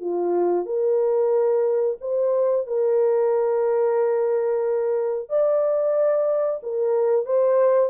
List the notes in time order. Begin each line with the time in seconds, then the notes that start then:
0.00 F4
0.65 A#4
2.00 C5
2.66 A#4
5.29 D5
6.63 A#4
7.25 C5